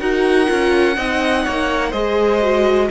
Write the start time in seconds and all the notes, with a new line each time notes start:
0.00 D#4 F#4 A#4 F#5
0.47 C#4 F4
0.96 C4 D#4 D#5
1.45 A#3 C#5
1.90 G#3 G#4 C5 D#5
2.42 F#4